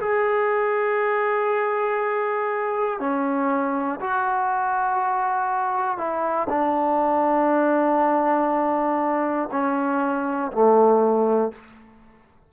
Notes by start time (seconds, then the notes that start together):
0.00 G#4
3.00 C#4
4.00 F#4
5.98 E4
6.50 D4
9.52 C#4
10.52 A3